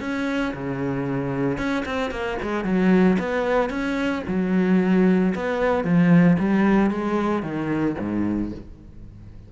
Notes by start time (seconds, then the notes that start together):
0.00 C#4
0.53 C#3
1.57 C#4
1.85 C4
2.11 A#3
2.42 G#3
2.64 F#3
3.19 B3
3.70 C#4
4.28 F#3
5.35 B3
5.84 F3
6.39 G3
6.91 G#3
7.42 D#3
7.99 G#2